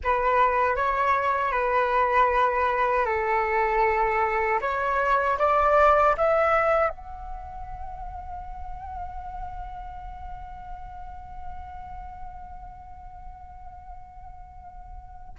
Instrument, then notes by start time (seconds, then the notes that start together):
flute
0.03 B4
0.76 C#5
1.51 B4
3.05 A4
4.61 C#5
5.38 D5
6.17 E5
6.89 F#5